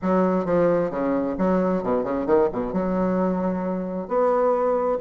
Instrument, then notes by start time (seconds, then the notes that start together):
bassoon
0.01 F#3
0.45 F3
0.90 C#3
1.38 F#3
1.83 B2
2.03 C#3
2.26 D#3
2.52 B2
2.73 F#3
4.08 B3